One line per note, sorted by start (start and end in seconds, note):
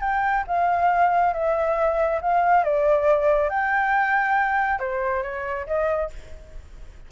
0.00 0.43 G5
0.47 1.33 F5
1.33 2.20 E5
2.21 2.63 F5
2.63 3.49 D5
3.49 4.79 G5
4.79 5.23 C5
5.23 5.66 C#5
5.66 6.10 D#5